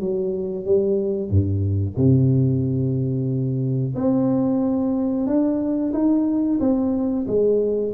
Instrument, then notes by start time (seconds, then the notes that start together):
tuba
0.00 F#3
0.65 G3
1.30 G2
1.97 C3
3.95 C4
5.27 D4
5.93 D#4
6.60 C4
7.27 G#3